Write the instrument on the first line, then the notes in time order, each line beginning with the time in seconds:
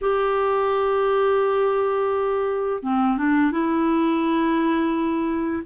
clarinet
0.01 G4
2.82 C4
3.17 D4
3.51 E4